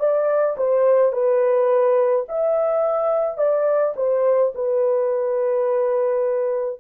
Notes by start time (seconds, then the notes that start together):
0.00 D5
0.58 C5
1.13 B4
2.29 E5
3.38 D5
3.97 C5
4.55 B4